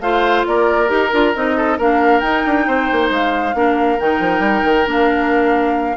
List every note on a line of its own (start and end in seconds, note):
0.00 0.44 A3
0.00 0.88 F4
0.00 0.47 C5
0.00 0.45 F5
0.47 0.90 A#3
0.47 1.57 A#4
0.47 0.89 D5
0.88 1.12 D#4
0.88 1.10 G4
0.88 1.33 A#4
1.13 1.35 D4
1.13 1.35 F4
1.35 1.79 C4
1.35 1.79 D#4
1.35 1.79 D#5
1.57 1.78 A4
1.78 2.22 A#3
1.78 2.23 D4
1.78 2.66 A#4
1.78 2.20 F5
2.20 2.44 D#4
2.20 3.54 D#4
2.20 3.08 G5
2.46 2.67 D4
2.67 2.89 C4
2.67 3.56 C5
2.92 3.10 A#3
3.10 3.54 G#3
3.10 4.00 F5
3.54 3.98 A#3
3.54 3.99 D4
3.54 5.97 A#4
4.00 4.20 D#3
4.00 4.86 D#4
4.00 4.88 G5
4.20 4.40 F3
4.40 4.62 G3
4.64 4.86 D#3
4.86 5.97 A#3
4.86 5.96 D4
4.86 5.97 F5